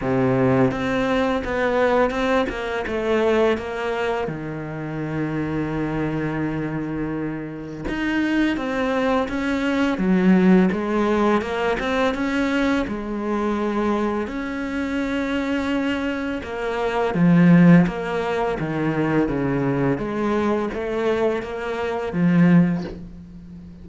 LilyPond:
\new Staff \with { instrumentName = "cello" } { \time 4/4 \tempo 4 = 84 c4 c'4 b4 c'8 ais8 | a4 ais4 dis2~ | dis2. dis'4 | c'4 cis'4 fis4 gis4 |
ais8 c'8 cis'4 gis2 | cis'2. ais4 | f4 ais4 dis4 cis4 | gis4 a4 ais4 f4 | }